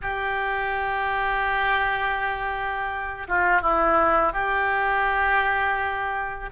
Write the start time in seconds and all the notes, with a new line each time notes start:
0.02 G4
3.28 F4
3.61 E4
4.32 G4